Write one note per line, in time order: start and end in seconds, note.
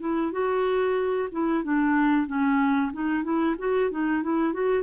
0.00 0.32 E4
0.32 1.29 F#4
1.32 1.64 E4
1.64 2.27 D4
2.27 2.91 C#4
2.93 3.23 D#4
3.23 3.56 E4
3.59 3.91 F#4
3.91 4.23 D#4
4.23 4.53 E4
4.53 4.83 F#4